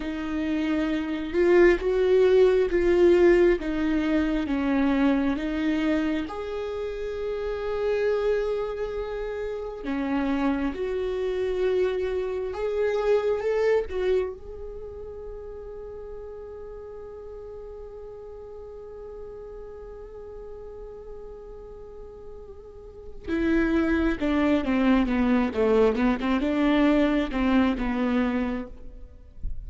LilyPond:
\new Staff \with { instrumentName = "viola" } { \time 4/4 \tempo 4 = 67 dis'4. f'8 fis'4 f'4 | dis'4 cis'4 dis'4 gis'4~ | gis'2. cis'4 | fis'2 gis'4 a'8 fis'8 |
gis'1~ | gis'1~ | gis'2 e'4 d'8 c'8 | b8 a8 b16 c'16 d'4 c'8 b4 | }